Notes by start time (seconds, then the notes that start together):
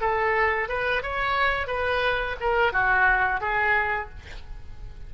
0.00 A4
0.68 B4
1.02 C#5
1.67 B4
2.39 A#4
2.72 F#4
3.40 G#4